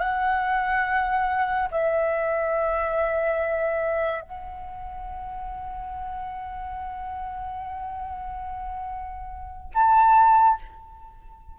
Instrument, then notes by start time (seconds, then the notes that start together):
flute
0.00 F#5
1.71 E5
4.21 F#5
9.75 A5